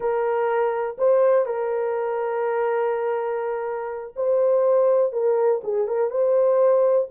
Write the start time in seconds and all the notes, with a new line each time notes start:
0.00 A#4
0.98 C5
1.45 A#4
4.16 C5
5.12 A#4
5.63 G#4
5.87 A#4
6.10 C5